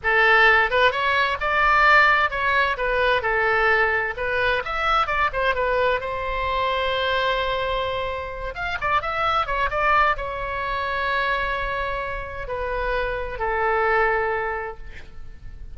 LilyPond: \new Staff \with { instrumentName = "oboe" } { \time 4/4 \tempo 4 = 130 a'4. b'8 cis''4 d''4~ | d''4 cis''4 b'4 a'4~ | a'4 b'4 e''4 d''8 c''8 | b'4 c''2.~ |
c''2~ c''8 f''8 d''8 e''8~ | e''8 cis''8 d''4 cis''2~ | cis''2. b'4~ | b'4 a'2. | }